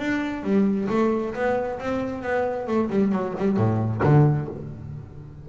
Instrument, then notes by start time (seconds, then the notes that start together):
double bass
0.00 D4
0.44 G3
0.90 A3
1.35 B3
1.80 C4
2.23 B3
2.68 A3
2.90 G3
3.13 F#3
3.38 G3
3.57 A2
4.04 D3